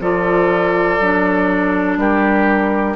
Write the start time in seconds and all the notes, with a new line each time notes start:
0.00 F3 F4 A4 D5
0.99 F#3 D4
1.97 G3 G4 A#4